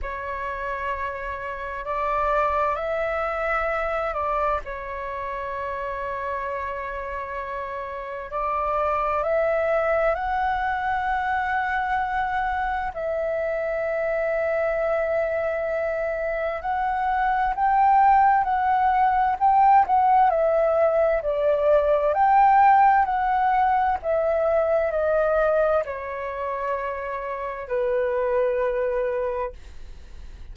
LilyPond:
\new Staff \with { instrumentName = "flute" } { \time 4/4 \tempo 4 = 65 cis''2 d''4 e''4~ | e''8 d''8 cis''2.~ | cis''4 d''4 e''4 fis''4~ | fis''2 e''2~ |
e''2 fis''4 g''4 | fis''4 g''8 fis''8 e''4 d''4 | g''4 fis''4 e''4 dis''4 | cis''2 b'2 | }